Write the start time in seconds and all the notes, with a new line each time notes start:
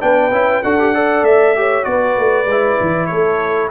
0.00 B3 D4 B4 G5
0.31 C#4 E4
0.63 D4 F#4 A4 F#5
0.79 G4
0.94 A4 D5
1.22 A3 E5
1.56 G4 C#5
1.83 B3 F#4 B4 D5
2.17 A3
2.45 G#3 E4
2.80 E3
3.06 A3 A4 C#5